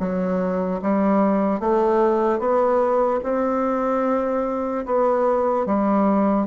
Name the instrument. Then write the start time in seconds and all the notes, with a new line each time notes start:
bassoon
0.00 F#3
0.83 G3
1.60 A3
2.40 B3
3.24 C4
4.86 B3
5.66 G3